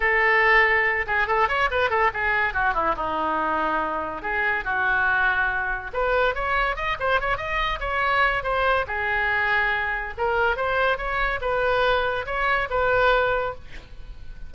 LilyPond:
\new Staff \with { instrumentName = "oboe" } { \time 4/4 \tempo 4 = 142 a'2~ a'8 gis'8 a'8 cis''8 | b'8 a'8 gis'4 fis'8 e'8 dis'4~ | dis'2 gis'4 fis'4~ | fis'2 b'4 cis''4 |
dis''8 c''8 cis''8 dis''4 cis''4. | c''4 gis'2. | ais'4 c''4 cis''4 b'4~ | b'4 cis''4 b'2 | }